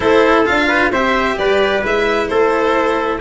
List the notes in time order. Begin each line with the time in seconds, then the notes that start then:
0.00 A3 E4 A4 C5
0.45 D4 F4 F5
0.67 B4
0.90 C4 G4 C5 E5
1.37 G3 B4 D5
1.81 G#3 E4 E5
2.28 A3 A4 C5